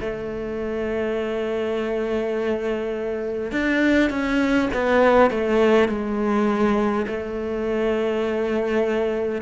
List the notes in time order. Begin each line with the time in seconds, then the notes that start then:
0.00 A3
3.51 D4
4.10 C#4
4.73 B3
5.30 A3
5.88 G#3
7.07 A3